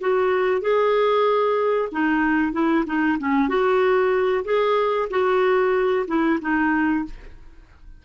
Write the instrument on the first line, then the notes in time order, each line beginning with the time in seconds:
clarinet
0.00 F#4
0.61 G#4
1.91 D#4
2.52 E4
2.86 D#4
3.19 C#4
3.48 F#4
4.44 G#4
5.10 F#4
6.07 E4
6.41 D#4